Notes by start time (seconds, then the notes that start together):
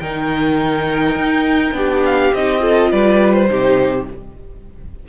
0.00 D#3 D#4 A#4 G5
1.16 D#4
1.72 B3 D4 G4
2.06 F5
2.34 C4 D#4 D#5
2.60 F4 A4
2.92 G3 B4 D5
3.34 C5
3.49 C3 D#4 G4